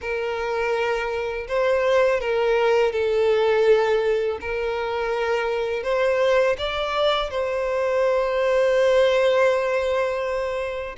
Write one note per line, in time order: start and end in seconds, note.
0.01 1.47 A#4
1.47 2.20 C5
2.20 2.92 A#4
2.92 4.38 A4
4.41 5.83 A#4
5.83 6.56 C5
6.58 7.30 D5
7.30 10.96 C5